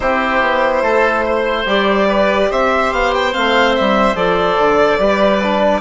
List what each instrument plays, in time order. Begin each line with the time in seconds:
0.00 bassoon C4, trombone E4, oboe G4, violin C5
0.40 bassoon B3
0.81 bassoon A3, oboe A4
1.25 oboe C5
1.66 bassoon G3, trombone G4, violin D5
2.08 oboe B4
2.50 bassoon C4, oboe C5, violin E5
2.91 bassoon B3, violin F5
3.14 violin G5
3.32 bassoon A3, trombone C4, violin F5
3.75 bassoon G3, violin E5
4.15 bassoon F3, trombone A4, violin D5
4.57 bassoon D3
4.98 bassoon G3, trombone G4, oboe B4
5.42 trombone D4